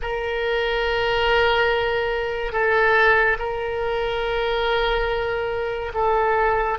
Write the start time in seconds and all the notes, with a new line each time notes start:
0.02 A#4
2.52 A4
3.38 A#4
5.93 A4